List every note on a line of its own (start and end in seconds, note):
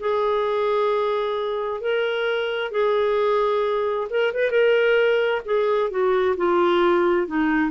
0.00 1.81 G#4
1.81 2.71 A#4
2.71 4.08 G#4
4.10 4.33 A#4
4.34 4.51 B4
4.51 5.42 A#4
5.46 5.90 G#4
5.90 6.36 F#4
6.37 7.28 F4
7.28 7.71 D#4